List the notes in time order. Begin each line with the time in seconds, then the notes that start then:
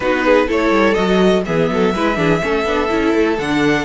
0.00 B3 D#4 F#4 B4
0.24 G#4
0.46 A3 E4 A4 C#5
0.70 G3
0.94 F#3 F#4 D#5
1.45 E3 B3 G#4 E5
1.70 F#3 A4
1.94 G#3 E4 B4
2.15 E3 D4 G#4
2.40 A3 C#4 A4
2.64 B3 D4
2.88 C#4 E4
3.14 A3
3.38 D3 D4 F#5